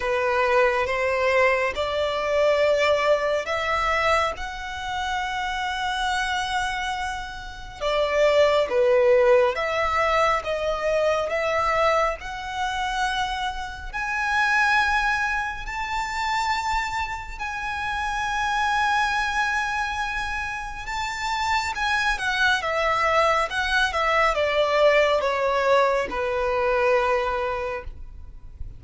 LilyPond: \new Staff \with { instrumentName = "violin" } { \time 4/4 \tempo 4 = 69 b'4 c''4 d''2 | e''4 fis''2.~ | fis''4 d''4 b'4 e''4 | dis''4 e''4 fis''2 |
gis''2 a''2 | gis''1 | a''4 gis''8 fis''8 e''4 fis''8 e''8 | d''4 cis''4 b'2 | }